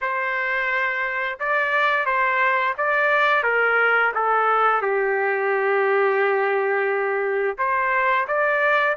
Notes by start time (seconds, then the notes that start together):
0.01 C5
1.39 D5
2.05 C5
2.77 D5
3.43 A#4
4.14 A4
4.81 G4
7.57 C5
8.27 D5